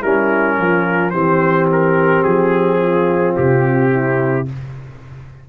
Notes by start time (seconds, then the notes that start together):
0.00 G3 C#4 E4 A#4
0.58 F3 F4
1.10 E3 C4 G4 C5
1.72 A#4
2.24 F3 G#4
2.82 F4
3.37 C3 G4
3.92 E4